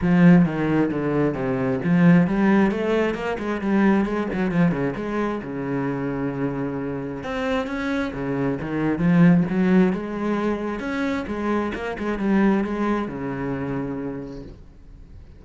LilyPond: \new Staff \with { instrumentName = "cello" } { \time 4/4 \tempo 4 = 133 f4 dis4 d4 c4 | f4 g4 a4 ais8 gis8 | g4 gis8 fis8 f8 cis8 gis4 | cis1 |
c'4 cis'4 cis4 dis4 | f4 fis4 gis2 | cis'4 gis4 ais8 gis8 g4 | gis4 cis2. | }